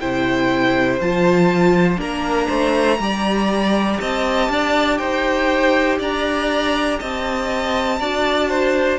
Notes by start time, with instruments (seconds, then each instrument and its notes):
0.00 cello C3, viola E4, violin C5 G5
1.00 cello F3, viola F4, violin A5
1.97 cello A#3, viola D4, violin A#4 A#5
2.48 cello A3, violin C5
2.99 cello G3, viola G4, violin D5
4.00 cello C4, violin D#5 A5
4.49 cello D4, violin D5
4.98 cello D#4, violin C5 G5
5.99 cello D4, violin D5 A#5
6.99 cello C4, violin D#5 A5
8.00 cello D4, viola F#4, violin D5
8.49 violin C5